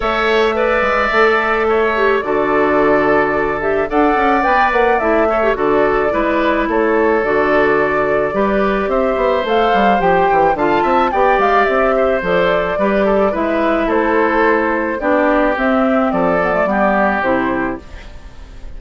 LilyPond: <<
  \new Staff \with { instrumentName = "flute" } { \time 4/4 \tempo 4 = 108 e''1 | d''2~ d''8 e''8 fis''4 | g''8 fis''8 e''4 d''2 | cis''4 d''2. |
e''4 f''4 g''4 a''4 | g''8 f''8 e''4 d''2 | e''4 c''2 d''4 | e''4 d''2 c''4 | }
  \new Staff \with { instrumentName = "oboe" } { \time 4/4 cis''4 d''2 cis''4 | a'2. d''4~ | d''4. cis''8 a'4 b'4 | a'2. b'4 |
c''2. f''8 e''8 | d''4. c''4. b'8 a'8 | b'4 a'2 g'4~ | g'4 a'4 g'2 | }
  \new Staff \with { instrumentName = "clarinet" } { \time 4/4 a'4 b'4 a'4. g'8 | fis'2~ fis'8 g'8 a'4 | b'4 e'8 a'16 g'16 fis'4 e'4~ | e'4 fis'2 g'4~ |
g'4 a'4 g'4 f'4 | g'2 a'4 g'4 | e'2. d'4 | c'4. b16 a16 b4 e'4 | }
  \new Staff \with { instrumentName = "bassoon" } { \time 4/4 a4. gis8 a2 | d2. d'8 cis'8 | b8 ais8 a4 d4 gis4 | a4 d2 g4 |
c'8 b8 a8 g8 f8 e8 d8 c'8 | b8 gis8 c'4 f4 g4 | gis4 a2 b4 | c'4 f4 g4 c4 | }
>>